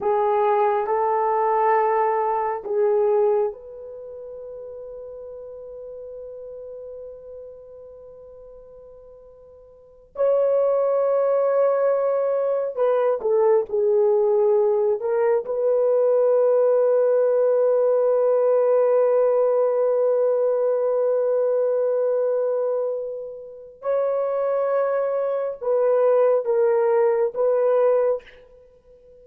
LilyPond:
\new Staff \with { instrumentName = "horn" } { \time 4/4 \tempo 4 = 68 gis'4 a'2 gis'4 | b'1~ | b'2.~ b'8 cis''8~ | cis''2~ cis''8 b'8 a'8 gis'8~ |
gis'4 ais'8 b'2~ b'8~ | b'1~ | b'2. cis''4~ | cis''4 b'4 ais'4 b'4 | }